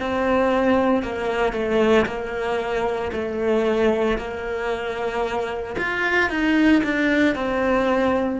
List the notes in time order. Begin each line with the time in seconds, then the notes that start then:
0.00 C4
1.03 A#3
1.53 A3
2.06 A#3
3.13 A3
4.18 A#3
5.78 F4
6.30 D#4
6.84 D4
7.35 C4